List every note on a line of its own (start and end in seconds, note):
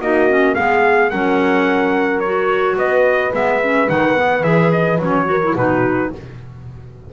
0.00 0.56 A#3
0.00 0.28 D#4
0.00 0.55 F#4
0.00 0.55 D#5
0.28 0.55 C#4
0.55 1.12 G#3
0.55 1.11 B3
0.55 1.10 G#4
0.55 1.10 F5
1.10 2.76 F#3
1.10 2.23 C#4
1.10 2.77 A#4
1.10 2.20 F#5
2.20 3.32 F#4
2.20 2.75 C#5
2.76 3.32 B3
2.76 5.28 B4
2.76 3.34 D#5
3.32 3.89 G#3
3.32 3.60 B3
3.32 3.89 E5
3.63 3.87 C#4
3.87 4.43 D#3
3.87 4.15 D#4
3.87 4.43 F#5
4.15 4.43 B3
4.43 4.98 E3
4.43 4.99 G#4
4.43 4.71 E5
4.72 5.00 D#5
4.98 5.54 F#3
4.98 5.25 C#4
4.98 5.57 C#5
5.25 5.39 F#4
5.25 5.55 A#4
5.43 5.57 E4
5.55 6.11 B2
5.55 6.12 D#4
5.55 6.10 F#4
5.55 6.13 B4